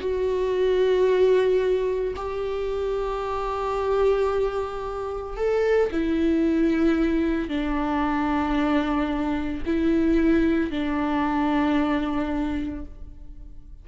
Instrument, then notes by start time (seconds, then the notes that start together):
viola
0.00 F#4
2.15 G4
5.36 A4
5.92 E4
7.49 D4
9.66 E4
10.70 D4